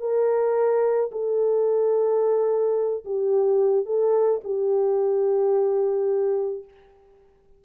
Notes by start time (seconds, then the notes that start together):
0.00 A#4
1.12 A4
3.05 G4
3.86 A4
4.44 G4